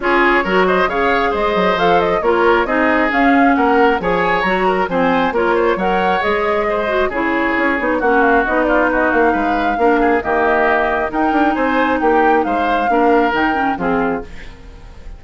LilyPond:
<<
  \new Staff \with { instrumentName = "flute" } { \time 4/4 \tempo 4 = 135 cis''4. dis''8 f''4 dis''4 | f''8 dis''8 cis''4 dis''4 f''4 | fis''4 gis''4 ais''4 gis''4 | cis''4 fis''4 dis''2 |
cis''2 fis''8 f''8 dis''8 d''8 | dis''8 f''2~ f''8 dis''4~ | dis''4 g''4 gis''4 g''4 | f''2 g''4 gis'4 | }
  \new Staff \with { instrumentName = "oboe" } { \time 4/4 gis'4 ais'8 c''8 cis''4 c''4~ | c''4 ais'4 gis'2 | ais'4 cis''4. ais'8 c''4 | ais'8 c''8 cis''2 c''4 |
gis'2 fis'4. f'8 | fis'4 b'4 ais'8 gis'8 g'4~ | g'4 ais'4 c''4 g'4 | c''4 ais'2 f'4 | }
  \new Staff \with { instrumentName = "clarinet" } { \time 4/4 f'4 fis'4 gis'2 | a'4 f'4 dis'4 cis'4~ | cis'4 gis'4 fis'4 c'4 | f'4 ais'4 gis'4. fis'8 |
e'4. dis'8 cis'4 dis'4~ | dis'2 d'4 ais4~ | ais4 dis'2.~ | dis'4 d'4 dis'8 cis'8 c'4 | }
  \new Staff \with { instrumentName = "bassoon" } { \time 4/4 cis'4 fis4 cis4 gis8 fis8 | f4 ais4 c'4 cis'4 | ais4 f4 fis4 f4 | ais4 fis4 gis2 |
cis4 cis'8 b8 ais4 b4~ | b8 ais8 gis4 ais4 dis4~ | dis4 dis'8 d'8 c'4 ais4 | gis4 ais4 dis4 f4 | }
>>